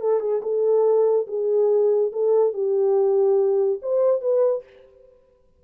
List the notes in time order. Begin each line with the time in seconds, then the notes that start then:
0.00 A4
0.20 G#4
0.42 A4
1.27 G#4
2.12 A4
2.53 G4
3.82 C5
4.21 B4